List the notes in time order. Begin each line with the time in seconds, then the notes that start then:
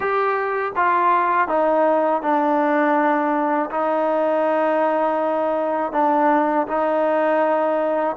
0.00 G4
0.75 F4
1.48 D#4
2.22 D4
3.70 D#4
5.92 D4
6.67 D#4